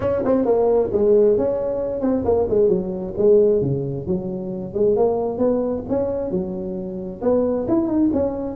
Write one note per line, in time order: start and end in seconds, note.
0.00 0.22 C#4
0.24 0.45 C4
0.45 0.90 A#3
0.92 1.37 G#3
1.37 2.01 C#4
2.01 2.23 C4
2.24 2.47 A#3
2.49 2.68 G#3
2.68 3.14 F#3
3.17 3.61 G#3
3.61 4.06 C#3
4.07 4.73 F#3
4.73 4.96 G#3
4.96 5.37 A#3
5.37 5.83 B3
5.89 6.31 C#4
6.31 7.21 F#3
7.21 7.67 B3
7.68 7.87 E4
7.87 8.10 D#4
8.13 8.55 C#4